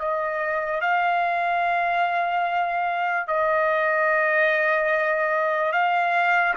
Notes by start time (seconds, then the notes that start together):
0.00 D#5
0.81 F5
3.28 D#5
5.73 F5